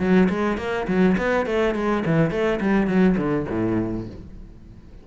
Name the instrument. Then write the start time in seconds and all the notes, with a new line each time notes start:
cello
0.00 F#3
0.29 G#3
0.58 A#3
0.88 F#3
1.18 B3
1.46 A3
1.75 G#3
2.06 E3
2.31 A3
2.61 G3
2.88 F#3
3.18 D3
3.49 A2